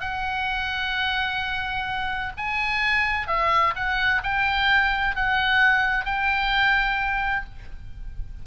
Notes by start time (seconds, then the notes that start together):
0.00 F#5
2.37 G#5
3.27 E5
3.75 F#5
4.23 G5
5.15 F#5
6.05 G5